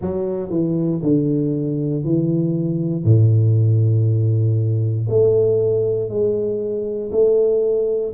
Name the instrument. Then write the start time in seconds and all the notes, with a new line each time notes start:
tuba
0.01 F#3
0.50 E3
1.02 D3
2.03 E3
3.04 A2
5.08 A3
6.09 G#3
7.11 A3